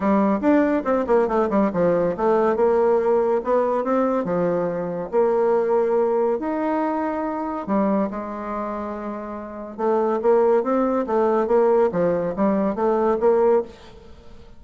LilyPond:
\new Staff \with { instrumentName = "bassoon" } { \time 4/4 \tempo 4 = 141 g4 d'4 c'8 ais8 a8 g8 | f4 a4 ais2 | b4 c'4 f2 | ais2. dis'4~ |
dis'2 g4 gis4~ | gis2. a4 | ais4 c'4 a4 ais4 | f4 g4 a4 ais4 | }